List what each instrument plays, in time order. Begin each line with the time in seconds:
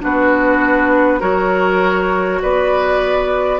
0.00 bassoon B3, clarinet D4, oboe F#4, flute B4
1.20 bassoon F#3, clarinet F#4, oboe A#4, flute C#5
2.42 bassoon B3, oboe B4, flute D5